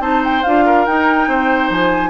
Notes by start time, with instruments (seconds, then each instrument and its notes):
0.00 bassoon C4, clarinet D#4, oboe C5, flute A5
0.24 flute G5
0.43 bassoon D4, clarinet F4, flute F5
0.65 oboe A#4
0.86 bassoon D#4, clarinet D#4, flute G5
1.28 bassoon C4, oboe C5
1.70 bassoon F3, flute G#5